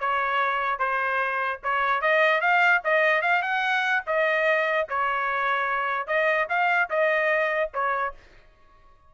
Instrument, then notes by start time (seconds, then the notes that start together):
trumpet
0.00 C#5
0.79 C5
1.64 C#5
2.02 D#5
2.41 F5
2.84 D#5
3.22 F5
3.42 F#5
4.07 D#5
4.89 C#5
6.07 D#5
6.49 F5
6.90 D#5
7.74 C#5